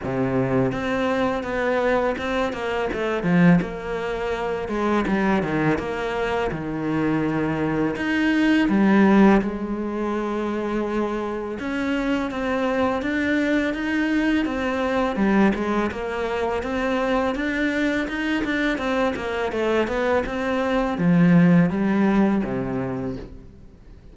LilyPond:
\new Staff \with { instrumentName = "cello" } { \time 4/4 \tempo 4 = 83 c4 c'4 b4 c'8 ais8 | a8 f8 ais4. gis8 g8 dis8 | ais4 dis2 dis'4 | g4 gis2. |
cis'4 c'4 d'4 dis'4 | c'4 g8 gis8 ais4 c'4 | d'4 dis'8 d'8 c'8 ais8 a8 b8 | c'4 f4 g4 c4 | }